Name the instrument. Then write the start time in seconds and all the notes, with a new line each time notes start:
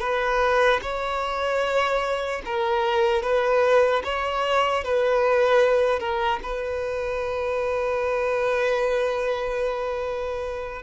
violin
0.00 B4
0.82 C#5
2.45 A#4
3.22 B4
4.04 C#5
4.84 B4
5.99 A#4
6.43 B4